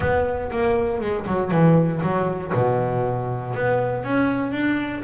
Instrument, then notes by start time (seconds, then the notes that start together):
double bass
0.00 B3
0.51 A#3
1.00 G#3
1.26 F#3
1.51 E3
2.02 F#3
2.53 B2
3.54 B3
4.04 C#4
4.52 D4